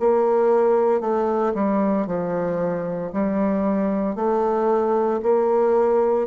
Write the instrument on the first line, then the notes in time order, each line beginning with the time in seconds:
bassoon
0.00 A#3
1.01 A3
1.55 G3
2.07 F3
3.13 G3
4.16 A3
5.23 A#3